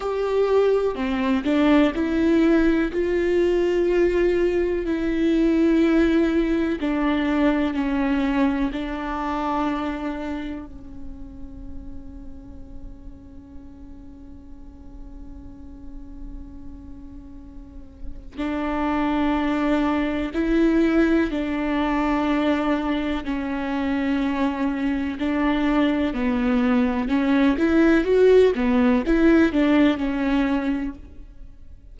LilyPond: \new Staff \with { instrumentName = "viola" } { \time 4/4 \tempo 4 = 62 g'4 c'8 d'8 e'4 f'4~ | f'4 e'2 d'4 | cis'4 d'2 cis'4~ | cis'1~ |
cis'2. d'4~ | d'4 e'4 d'2 | cis'2 d'4 b4 | cis'8 e'8 fis'8 b8 e'8 d'8 cis'4 | }